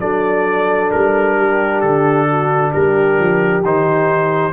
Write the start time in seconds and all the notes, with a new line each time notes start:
0.00 F#3 D4 A4 D5
0.92 G3 A#4
1.38 G4
1.81 D3 A4
2.29 F#4
2.73 G3 G4 A#4
3.19 F3
3.64 D#3 D#4 C5